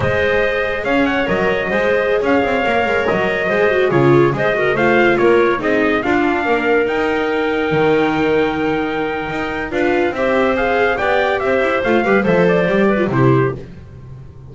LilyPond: <<
  \new Staff \with { instrumentName = "trumpet" } { \time 4/4 \tempo 4 = 142 dis''2 f''8 fis''8 dis''4~ | dis''4~ dis''16 f''2 dis''8.~ | dis''4~ dis''16 cis''4 dis''4 f''8.~ | f''16 cis''4 dis''4 f''4.~ f''16~ |
f''16 g''2.~ g''8.~ | g''2. f''4 | e''4 f''4 g''4 e''4 | f''4 e''8 d''4. c''4 | }
  \new Staff \with { instrumentName = "clarinet" } { \time 4/4 c''2 cis''2 | c''4~ c''16 cis''2~ cis''8.~ | cis''16 c''4 gis'4 c''8 ais'8 c''8.~ | c''16 ais'4 gis'4 f'4 ais'8.~ |
ais'1~ | ais'2. b'4 | c''2 d''4 c''4~ | c''8 b'8 c''4. b'8 g'4 | }
  \new Staff \with { instrumentName = "viola" } { \time 4/4 gis'2. ais'4 | gis'2~ gis'16 ais'4.~ ais'16~ | ais'16 gis'8 fis'8 f'4 gis'8 fis'8 f'8.~ | f'4~ f'16 dis'4 d'4.~ d'16~ |
d'16 dis'2.~ dis'8.~ | dis'2. f'4 | g'4 gis'4 g'2 | f'8 g'8 a'4 g'8. f'16 e'4 | }
  \new Staff \with { instrumentName = "double bass" } { \time 4/4 gis2 cis'4 fis4 | gis4~ gis16 cis'8 c'8 ais8 gis8 fis8.~ | fis16 gis4 cis4 gis4 a8.~ | a16 ais4 c'4 d'4 ais8.~ |
ais16 dis'2 dis4.~ dis16~ | dis2 dis'4 d'4 | c'2 b4 c'8 e'8 | a8 g8 f4 g4 c4 | }
>>